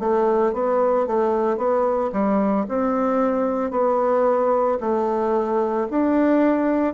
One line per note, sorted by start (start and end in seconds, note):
0.00 0.54 A3
0.54 1.07 B3
1.07 1.58 A3
1.58 2.11 B3
2.13 2.66 G3
2.69 3.72 C4
3.72 4.79 B3
4.81 5.88 A3
5.91 6.94 D4